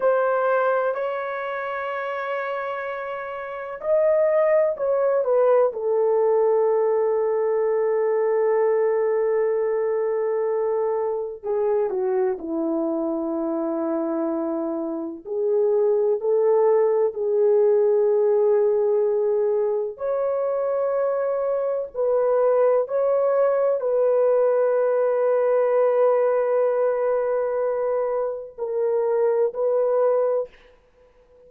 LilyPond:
\new Staff \with { instrumentName = "horn" } { \time 4/4 \tempo 4 = 63 c''4 cis''2. | dis''4 cis''8 b'8 a'2~ | a'1 | gis'8 fis'8 e'2. |
gis'4 a'4 gis'2~ | gis'4 cis''2 b'4 | cis''4 b'2.~ | b'2 ais'4 b'4 | }